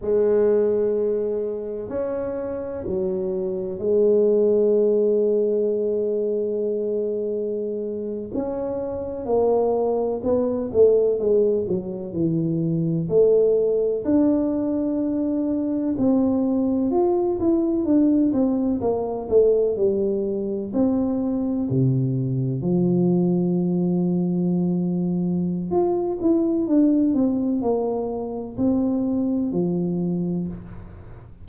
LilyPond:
\new Staff \with { instrumentName = "tuba" } { \time 4/4 \tempo 4 = 63 gis2 cis'4 fis4 | gis1~ | gis8. cis'4 ais4 b8 a8 gis16~ | gis16 fis8 e4 a4 d'4~ d'16~ |
d'8. c'4 f'8 e'8 d'8 c'8 ais16~ | ais16 a8 g4 c'4 c4 f16~ | f2. f'8 e'8 | d'8 c'8 ais4 c'4 f4 | }